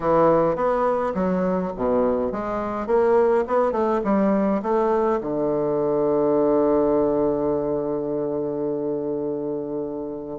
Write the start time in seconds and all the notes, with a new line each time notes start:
0.00 E3
0.55 B3
1.14 F#3
1.76 B2
2.32 G#3
2.86 A#3
3.47 B3
3.72 A3
4.04 G3
4.62 A3
5.21 D3